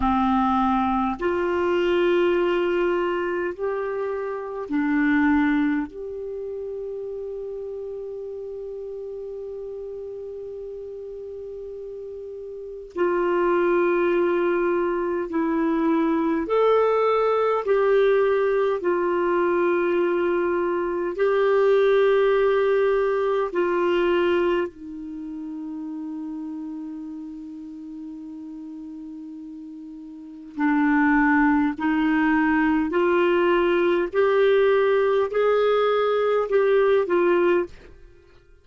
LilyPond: \new Staff \with { instrumentName = "clarinet" } { \time 4/4 \tempo 4 = 51 c'4 f'2 g'4 | d'4 g'2.~ | g'2. f'4~ | f'4 e'4 a'4 g'4 |
f'2 g'2 | f'4 dis'2.~ | dis'2 d'4 dis'4 | f'4 g'4 gis'4 g'8 f'8 | }